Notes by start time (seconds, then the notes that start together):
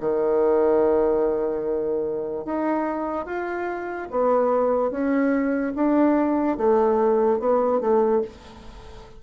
0.00 D#3
2.45 D#4
3.26 F4
4.11 B3
4.91 C#4
5.75 D4
6.58 A3
7.39 B3
7.81 A3